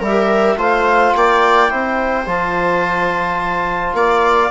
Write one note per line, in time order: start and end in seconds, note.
0.00 0.56 G3
0.00 0.56 A#4
0.00 0.59 E5
0.07 0.57 G4
0.57 1.13 A3
0.57 1.69 F4
0.57 1.15 C5
0.57 1.16 F5
1.15 1.71 A#3
1.15 1.70 D5
1.15 2.28 G5
1.69 2.27 C4
1.69 2.25 E4
1.69 3.95 C5
2.26 3.93 F3
2.26 4.50 F4
2.26 3.95 A5
3.93 4.49 A#3
3.93 4.50 D5
3.93 4.50 F5